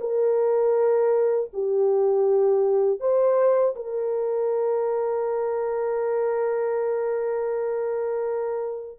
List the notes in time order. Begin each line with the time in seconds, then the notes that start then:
0.00 A#4
1.53 G4
3.00 C5
3.75 A#4